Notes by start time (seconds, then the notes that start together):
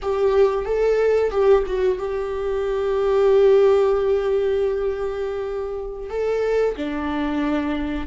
0.02 G4
0.65 A4
1.30 G4
1.66 F#4
1.98 G4
6.09 A4
6.76 D4